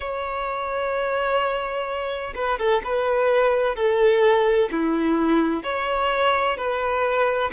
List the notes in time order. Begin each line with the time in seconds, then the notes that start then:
0.00 C#5
2.35 B4
2.58 A4
2.84 B4
3.75 A4
4.71 E4
5.63 C#5
6.57 B4